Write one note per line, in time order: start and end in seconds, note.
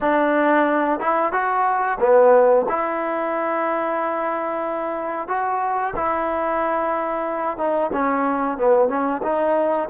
0.01 1.00 D4
1.00 1.32 E4
1.32 1.98 F#4
2.00 2.66 B3
2.69 5.27 E4
5.27 5.93 F#4
5.96 7.57 E4
7.57 7.90 D#4
7.92 8.57 C#4
8.57 8.88 B3
8.88 9.21 C#4
9.22 9.88 D#4